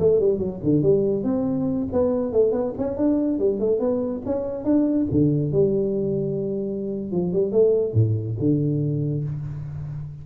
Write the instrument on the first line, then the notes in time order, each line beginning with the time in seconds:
tuba
0.00 A3
0.20 G3
0.39 F#3
0.64 D3
0.83 G3
1.24 C4
1.93 B3
2.33 A3
2.53 B3
2.79 C#4
2.97 D4
3.39 G3
3.60 A3
3.80 B3
4.26 C#4
4.65 D4
5.12 D3
5.52 G3
7.12 F3
7.33 G3
7.52 A3
7.94 A2
8.40 D3